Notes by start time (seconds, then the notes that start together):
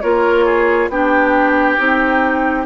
0.00 A#3 F4 A#4 C#5
0.45 G#4
0.89 B3 D4 G4 G5
1.77 C4 D#4